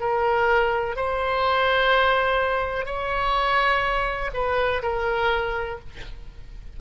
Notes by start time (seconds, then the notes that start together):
0.00 A#4
0.96 C5
2.85 C#5
4.34 B4
4.83 A#4